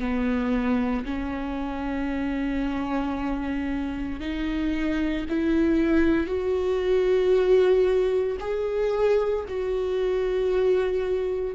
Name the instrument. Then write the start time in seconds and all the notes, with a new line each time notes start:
viola
0.00 B3
1.05 C#4
4.21 D#4
5.30 E4
6.27 F#4
8.40 G#4
9.49 F#4